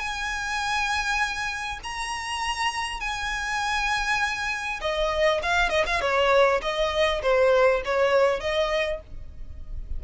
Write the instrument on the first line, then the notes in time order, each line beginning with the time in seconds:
violin
0.00 G#5
1.84 A#5
3.01 G#5
4.81 D#5
5.43 F5
5.70 D#5
5.87 F5
6.02 C#5
6.62 D#5
7.23 C5
7.86 C#5
8.41 D#5